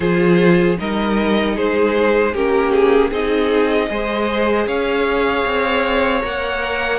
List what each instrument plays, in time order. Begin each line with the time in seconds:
0.00 cello F3, viola F4, violin G#4 C5
0.78 cello G3, viola D#4, violin A#4 D#5
1.55 cello G#3, violin G#4 C5
2.33 cello A#3, viola C#4, violin G4 A#4
2.72 violin G#4
3.09 cello C4, viola D#4, violin G#4 D#5
3.89 cello G#3, viola G#4, violin C5
4.66 cello C#4, violin C#5 F5
5.45 cello C4
6.21 cello A#3, viola A#4, violin F#5